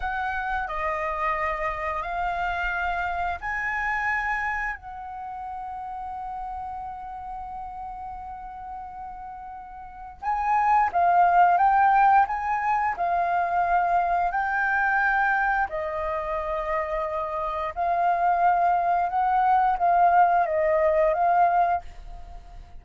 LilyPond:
\new Staff \with { instrumentName = "flute" } { \time 4/4 \tempo 4 = 88 fis''4 dis''2 f''4~ | f''4 gis''2 fis''4~ | fis''1~ | fis''2. gis''4 |
f''4 g''4 gis''4 f''4~ | f''4 g''2 dis''4~ | dis''2 f''2 | fis''4 f''4 dis''4 f''4 | }